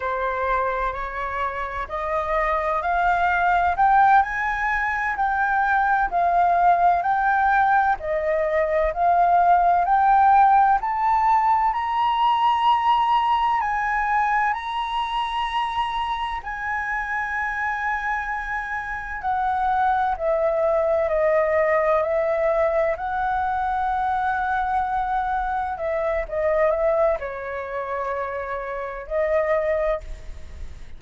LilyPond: \new Staff \with { instrumentName = "flute" } { \time 4/4 \tempo 4 = 64 c''4 cis''4 dis''4 f''4 | g''8 gis''4 g''4 f''4 g''8~ | g''8 dis''4 f''4 g''4 a''8~ | a''8 ais''2 gis''4 ais''8~ |
ais''4. gis''2~ gis''8~ | gis''8 fis''4 e''4 dis''4 e''8~ | e''8 fis''2. e''8 | dis''8 e''8 cis''2 dis''4 | }